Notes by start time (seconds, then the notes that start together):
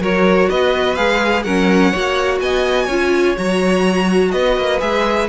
0.00 F#3 F#4 A#4 C#5
0.49 B3 B4 D#5
0.95 G#3 G#4 F5
1.43 F#3 C#4 A#4 F#5
1.91 A#3 F#4 C#5
2.40 B3 D#5 G#5
2.85 C#4 F4 C#5
3.36 F#3 F#4 A#5
4.31 B3 B4 D#5
4.57 A#3
4.79 G#3 G#4 E5